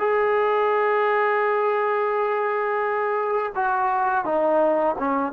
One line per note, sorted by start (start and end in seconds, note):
0.00 3.53 G#4
3.56 4.25 F#4
4.25 4.96 D#4
4.99 5.33 C#4